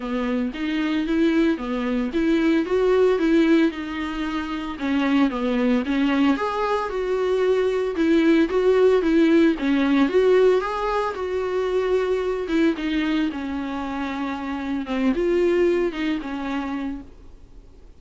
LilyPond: \new Staff \with { instrumentName = "viola" } { \time 4/4 \tempo 4 = 113 b4 dis'4 e'4 b4 | e'4 fis'4 e'4 dis'4~ | dis'4 cis'4 b4 cis'4 | gis'4 fis'2 e'4 |
fis'4 e'4 cis'4 fis'4 | gis'4 fis'2~ fis'8 e'8 | dis'4 cis'2. | c'8 f'4. dis'8 cis'4. | }